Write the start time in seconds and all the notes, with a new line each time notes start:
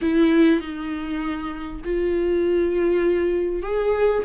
0.01 E4
0.60 D#4
1.84 F4
3.62 G#4